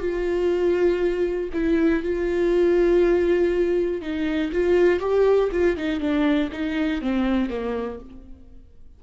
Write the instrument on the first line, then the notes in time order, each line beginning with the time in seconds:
viola
0.00 F4
1.53 E4
2.03 F4
4.02 D#4
4.52 F4
5.00 G4
5.52 F4
5.77 D#4
6.00 D4
6.52 D#4
7.02 C4
7.50 A#3